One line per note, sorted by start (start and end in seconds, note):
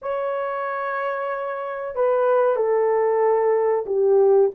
0.02 1.95 C#5
1.95 2.56 B4
2.56 3.85 A4
3.86 4.50 G4